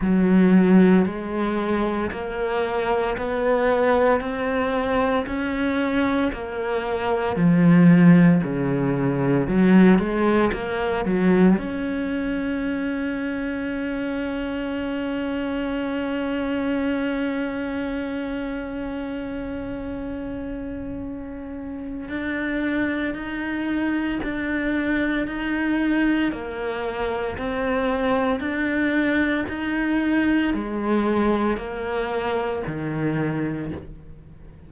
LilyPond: \new Staff \with { instrumentName = "cello" } { \time 4/4 \tempo 4 = 57 fis4 gis4 ais4 b4 | c'4 cis'4 ais4 f4 | cis4 fis8 gis8 ais8 fis8 cis'4~ | cis'1~ |
cis'1~ | cis'4 d'4 dis'4 d'4 | dis'4 ais4 c'4 d'4 | dis'4 gis4 ais4 dis4 | }